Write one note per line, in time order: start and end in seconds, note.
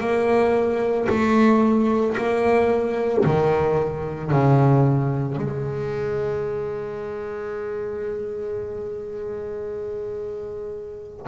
0.00 1.07 A#3
1.09 2.16 A3
2.17 3.24 A#3
3.25 4.31 D#3
4.31 5.37 C#3
5.37 11.26 G#3